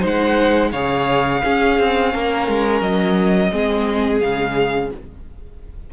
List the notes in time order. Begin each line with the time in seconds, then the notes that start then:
0.00 G#3 D#4 C5
0.07 F#5
0.72 C#3 G#4 C#5 F5
1.44 C#4 G#4
1.79 C4
2.13 A#3 A#4
2.48 G#3
2.81 F#3 D#5
3.51 G#3 C4 G#4
4.20 C#3 G#3 F5